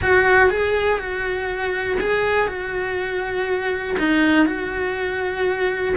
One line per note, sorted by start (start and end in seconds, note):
0.01 0.50 F#4
0.50 0.98 G#4
0.98 1.98 F#4
1.99 2.47 G#4
2.47 3.96 F#4
3.98 4.45 D#4
4.45 5.94 F#4